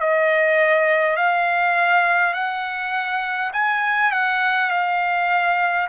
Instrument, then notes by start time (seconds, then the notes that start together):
trumpet
0.00 D#5
1.17 F5
2.34 F#5
3.53 G#5
4.12 F#5
4.71 F5